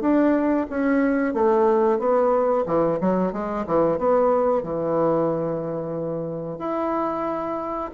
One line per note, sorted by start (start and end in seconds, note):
0.00 0.66 D4
0.70 1.33 C#4
1.33 1.99 A3
1.99 2.65 B3
2.66 2.99 E3
3.00 3.32 F#3
3.32 3.65 G#3
3.66 3.98 E3
3.98 4.63 B3
4.63 6.58 E3
6.58 7.90 E4